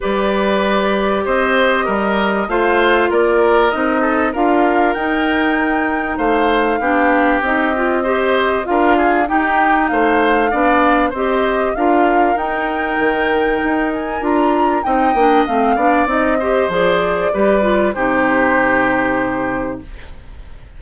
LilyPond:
<<
  \new Staff \with { instrumentName = "flute" } { \time 4/4 \tempo 4 = 97 d''2 dis''2 | f''4 d''4 dis''4 f''4 | g''2 f''2 | dis''2 f''4 g''4 |
f''2 dis''4 f''4 | g''2~ g''8 gis''8 ais''4 | g''4 f''4 dis''4 d''4~ | d''4 c''2. | }
  \new Staff \with { instrumentName = "oboe" } { \time 4/4 b'2 c''4 ais'4 | c''4 ais'4. a'8 ais'4~ | ais'2 c''4 g'4~ | g'4 c''4 ais'8 gis'8 g'4 |
c''4 d''4 c''4 ais'4~ | ais'1 | dis''4. d''4 c''4. | b'4 g'2. | }
  \new Staff \with { instrumentName = "clarinet" } { \time 4/4 g'1 | f'2 dis'4 f'4 | dis'2. d'4 | dis'8 f'8 g'4 f'4 dis'4~ |
dis'4 d'4 g'4 f'4 | dis'2. f'4 | dis'8 d'8 c'8 d'8 dis'8 g'8 gis'4 | g'8 f'8 dis'2. | }
  \new Staff \with { instrumentName = "bassoon" } { \time 4/4 g2 c'4 g4 | a4 ais4 c'4 d'4 | dis'2 a4 b4 | c'2 d'4 dis'4 |
a4 b4 c'4 d'4 | dis'4 dis4 dis'4 d'4 | c'8 ais8 a8 b8 c'4 f4 | g4 c2. | }
>>